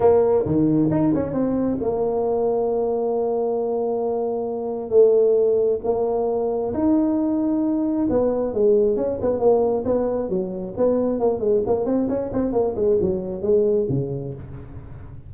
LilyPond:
\new Staff \with { instrumentName = "tuba" } { \time 4/4 \tempo 4 = 134 ais4 dis4 dis'8 cis'8 c'4 | ais1~ | ais2. a4~ | a4 ais2 dis'4~ |
dis'2 b4 gis4 | cis'8 b8 ais4 b4 fis4 | b4 ais8 gis8 ais8 c'8 cis'8 c'8 | ais8 gis8 fis4 gis4 cis4 | }